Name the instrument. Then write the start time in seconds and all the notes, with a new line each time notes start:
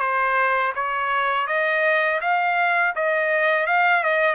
trumpet
0.00 C5
0.75 C#5
1.47 D#5
2.22 F5
2.96 D#5
3.67 F5
4.04 D#5